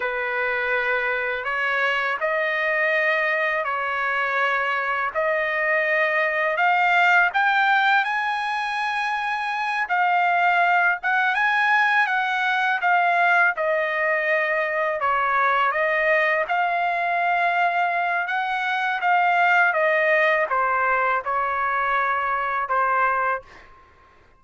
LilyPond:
\new Staff \with { instrumentName = "trumpet" } { \time 4/4 \tempo 4 = 82 b'2 cis''4 dis''4~ | dis''4 cis''2 dis''4~ | dis''4 f''4 g''4 gis''4~ | gis''4. f''4. fis''8 gis''8~ |
gis''8 fis''4 f''4 dis''4.~ | dis''8 cis''4 dis''4 f''4.~ | f''4 fis''4 f''4 dis''4 | c''4 cis''2 c''4 | }